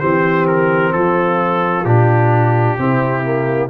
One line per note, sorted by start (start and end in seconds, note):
0.00 0.94 E3
0.00 1.85 C4
0.00 0.92 G4
0.00 0.46 C5
0.47 0.93 A#4
0.93 1.85 F3
0.93 2.79 F4
0.93 1.85 A4
1.85 2.77 A#2
1.85 2.78 D4
1.85 3.70 G4
2.78 3.70 C3
2.78 3.23 C4
2.78 3.70 E4
3.23 3.70 A#3